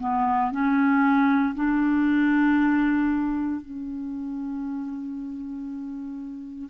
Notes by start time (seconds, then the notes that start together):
0.00 B3
0.51 C#4
1.55 D4
3.62 C#4